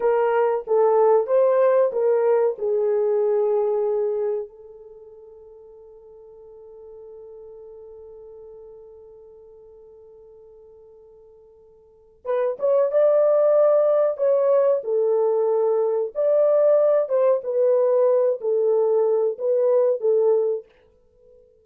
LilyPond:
\new Staff \with { instrumentName = "horn" } { \time 4/4 \tempo 4 = 93 ais'4 a'4 c''4 ais'4 | gis'2. a'4~ | a'1~ | a'1~ |
a'2. b'8 cis''8 | d''2 cis''4 a'4~ | a'4 d''4. c''8 b'4~ | b'8 a'4. b'4 a'4 | }